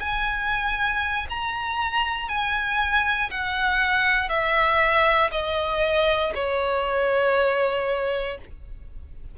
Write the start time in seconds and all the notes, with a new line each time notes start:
0.00 G#5
1.30 A#5
2.29 G#5
3.31 F#5
4.29 E5
5.32 D#5
6.35 C#5